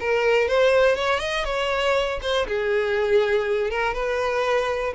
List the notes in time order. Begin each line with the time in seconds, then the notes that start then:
0.00 A#4
0.48 C5
0.95 C#5
1.19 D#5
1.44 C#5
2.22 C5
2.47 G#4
3.70 A#4
3.94 B4